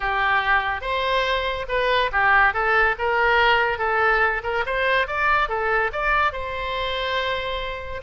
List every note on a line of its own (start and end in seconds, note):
0.00 0.81 G4
0.81 1.65 C5
1.68 2.10 B4
2.11 2.53 G4
2.53 2.95 A4
2.98 3.78 A#4
3.78 4.42 A4
4.43 4.64 A#4
4.66 5.07 C5
5.07 5.48 D5
5.48 5.91 A4
5.92 6.32 D5
6.32 8.01 C5